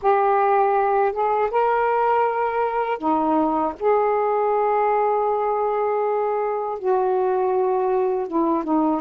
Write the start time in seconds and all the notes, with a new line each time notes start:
0.02 G4
1.12 G#4
1.50 A#4
2.98 D#4
3.79 G#4
6.79 F#4
8.27 E4
8.63 D#4